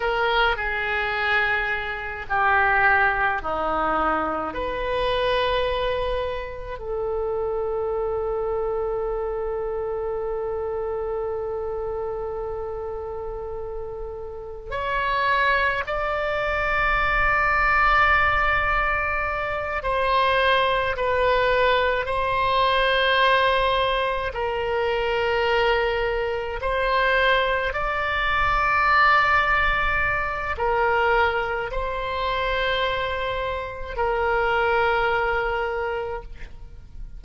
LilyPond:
\new Staff \with { instrumentName = "oboe" } { \time 4/4 \tempo 4 = 53 ais'8 gis'4. g'4 dis'4 | b'2 a'2~ | a'1~ | a'4 cis''4 d''2~ |
d''4. c''4 b'4 c''8~ | c''4. ais'2 c''8~ | c''8 d''2~ d''8 ais'4 | c''2 ais'2 | }